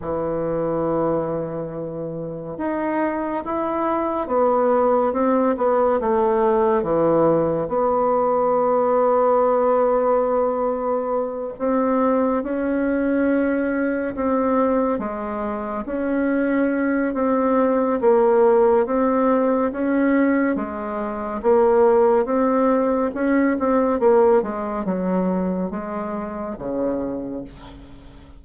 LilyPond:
\new Staff \with { instrumentName = "bassoon" } { \time 4/4 \tempo 4 = 70 e2. dis'4 | e'4 b4 c'8 b8 a4 | e4 b2.~ | b4. c'4 cis'4.~ |
cis'8 c'4 gis4 cis'4. | c'4 ais4 c'4 cis'4 | gis4 ais4 c'4 cis'8 c'8 | ais8 gis8 fis4 gis4 cis4 | }